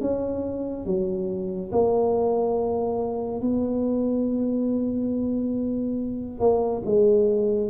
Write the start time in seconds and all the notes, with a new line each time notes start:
0.00 C#4
0.85 F#3
1.72 A#3
3.41 B3
6.39 A#3
6.85 G#3